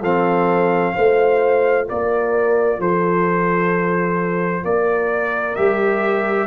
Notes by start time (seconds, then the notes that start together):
0.00 F3 C4 A4 F5
0.94 A3 F4 C5
1.87 A#3 A#4 D5
2.79 F3 A4 C5
4.63 A#3 A#4 D5
5.55 G3 G4 E5